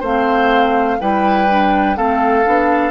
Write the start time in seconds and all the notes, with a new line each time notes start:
0.00 A3 C4 C5 F5
1.00 G3 E4 B4 G5
1.49 D4
1.96 A3 C4 A4 F5
2.45 B3 D4